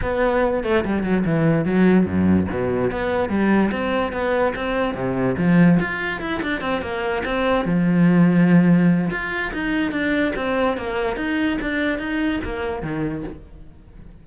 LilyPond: \new Staff \with { instrumentName = "cello" } { \time 4/4 \tempo 4 = 145 b4. a8 g8 fis8 e4 | fis4 fis,4 b,4 b4 | g4 c'4 b4 c'4 | c4 f4 f'4 e'8 d'8 |
c'8 ais4 c'4 f4.~ | f2 f'4 dis'4 | d'4 c'4 ais4 dis'4 | d'4 dis'4 ais4 dis4 | }